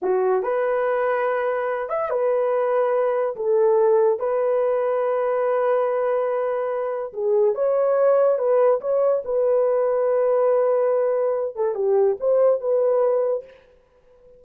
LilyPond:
\new Staff \with { instrumentName = "horn" } { \time 4/4 \tempo 4 = 143 fis'4 b'2.~ | b'8 e''8 b'2. | a'2 b'2~ | b'1~ |
b'4 gis'4 cis''2 | b'4 cis''4 b'2~ | b'2.~ b'8 a'8 | g'4 c''4 b'2 | }